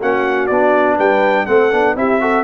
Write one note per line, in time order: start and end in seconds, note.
0.00 0.50 A#3
0.00 0.50 C#4
0.00 0.96 F#4
0.00 0.47 F#5
0.47 0.98 B3
0.47 1.47 D4
0.47 0.96 D5
0.96 1.48 G3
0.96 1.45 B4
0.96 1.46 G5
1.46 1.72 A3
1.46 1.71 C4
1.46 1.96 A4
1.46 1.95 F#5
1.71 1.95 B3
1.71 1.96 D4
1.95 2.44 C4
1.95 2.20 E4
1.95 2.21 G4
1.95 2.44 E5
2.20 2.44 F#4
2.20 2.44 A4